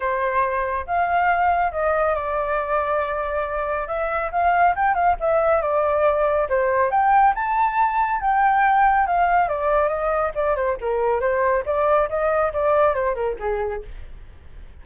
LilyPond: \new Staff \with { instrumentName = "flute" } { \time 4/4 \tempo 4 = 139 c''2 f''2 | dis''4 d''2.~ | d''4 e''4 f''4 g''8 f''8 | e''4 d''2 c''4 |
g''4 a''2 g''4~ | g''4 f''4 d''4 dis''4 | d''8 c''8 ais'4 c''4 d''4 | dis''4 d''4 c''8 ais'8 gis'4 | }